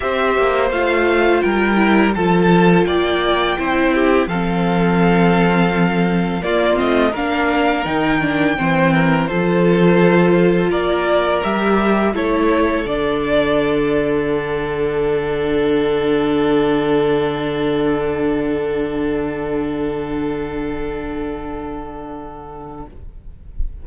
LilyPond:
<<
  \new Staff \with { instrumentName = "violin" } { \time 4/4 \tempo 4 = 84 e''4 f''4 g''4 a''4 | g''2 f''2~ | f''4 d''8 dis''8 f''4 g''4~ | g''4 c''2 d''4 |
e''4 cis''4 d''2 | fis''1~ | fis''1~ | fis''1 | }
  \new Staff \with { instrumentName = "violin" } { \time 4/4 c''2 ais'4 a'4 | d''4 c''8 g'8 a'2~ | a'4 f'4 ais'2 | c''8 ais'8 a'2 ais'4~ |
ais'4 a'2.~ | a'1~ | a'1~ | a'1 | }
  \new Staff \with { instrumentName = "viola" } { \time 4/4 g'4 f'4. e'8 f'4~ | f'4 e'4 c'2~ | c'4 ais8 c'8 d'4 dis'8 d'8 | c'4 f'2. |
g'4 e'4 d'2~ | d'1~ | d'1~ | d'1 | }
  \new Staff \with { instrumentName = "cello" } { \time 4/4 c'8 ais8 a4 g4 f4 | ais4 c'4 f2~ | f4 ais8 a8 ais4 dis4 | e4 f2 ais4 |
g4 a4 d2~ | d1~ | d1~ | d1 | }
>>